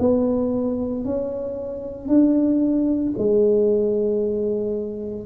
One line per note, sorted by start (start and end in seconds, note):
0.00 1.05 B3
1.05 2.08 C#4
2.08 3.13 D4
3.18 5.26 G#3